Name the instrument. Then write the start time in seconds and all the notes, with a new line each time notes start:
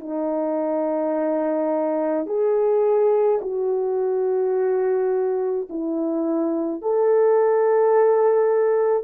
horn
0.00 D#4
2.26 G#4
3.42 F#4
5.70 E4
6.82 A4